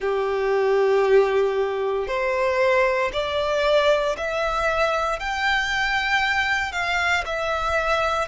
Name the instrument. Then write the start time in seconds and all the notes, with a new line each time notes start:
violin
0.00 G4
2.07 C5
3.12 D5
4.17 E5
5.20 G5
6.72 F5
7.25 E5